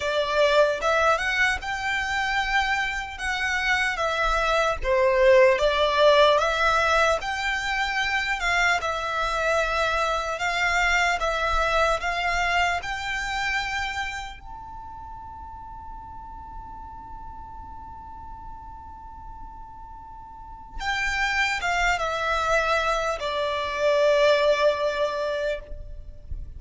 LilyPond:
\new Staff \with { instrumentName = "violin" } { \time 4/4 \tempo 4 = 75 d''4 e''8 fis''8 g''2 | fis''4 e''4 c''4 d''4 | e''4 g''4. f''8 e''4~ | e''4 f''4 e''4 f''4 |
g''2 a''2~ | a''1~ | a''2 g''4 f''8 e''8~ | e''4 d''2. | }